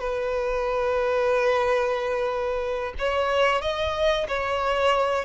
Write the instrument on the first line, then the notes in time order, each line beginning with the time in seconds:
violin
0.00 B4
2.98 C#5
3.61 D#5
4.27 C#5